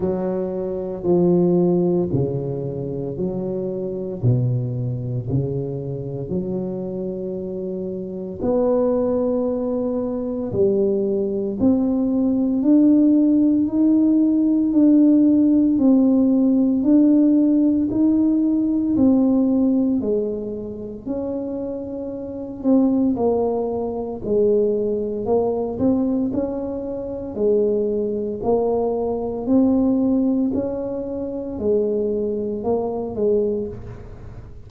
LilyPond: \new Staff \with { instrumentName = "tuba" } { \time 4/4 \tempo 4 = 57 fis4 f4 cis4 fis4 | b,4 cis4 fis2 | b2 g4 c'4 | d'4 dis'4 d'4 c'4 |
d'4 dis'4 c'4 gis4 | cis'4. c'8 ais4 gis4 | ais8 c'8 cis'4 gis4 ais4 | c'4 cis'4 gis4 ais8 gis8 | }